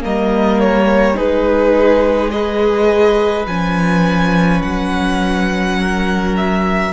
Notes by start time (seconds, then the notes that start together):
0.00 G3 A#3 A#4 D#5
0.60 C#5
1.14 G#3 D#4 G#4 B4
2.29 G#4 B4 D#5
3.46 F3 C#4 G#5
4.62 F#3 F#5
5.80 A#4
6.36 E5